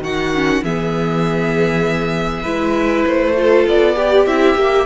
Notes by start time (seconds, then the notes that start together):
0.00 D#3 D#4 F#4 F#5
0.34 C#4
0.63 E3 B3 G#4 E5
2.42 G#3 E4 B4
3.06 A3 C5
3.36 F4 A4
3.66 B3 D5
3.95 G4
4.26 C4 E4 E5
4.55 A#3 G4